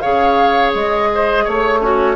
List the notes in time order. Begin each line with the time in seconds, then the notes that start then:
0.00 C#3 G#4 C#5 F5
0.74 G#3 D#5
1.15 C5
1.44 A3 C#5
1.80 C#4 F#4